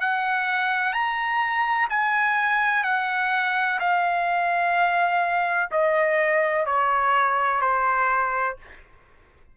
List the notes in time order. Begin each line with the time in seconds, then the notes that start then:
0.00 F#5
0.93 A#5
1.90 G#5
2.84 F#5
3.79 F5
5.71 D#5
6.66 C#5
7.61 C5